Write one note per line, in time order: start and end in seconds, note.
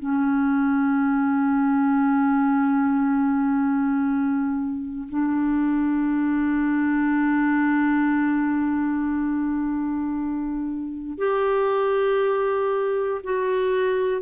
0.00 5.08 C#4
5.10 11.19 D4
11.19 13.22 G4
13.24 14.22 F#4